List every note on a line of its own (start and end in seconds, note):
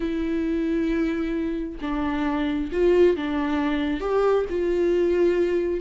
0.00 1.79 E4
1.81 2.70 D4
2.72 3.16 F4
3.16 4.00 D4
4.00 4.45 G4
4.49 5.80 F4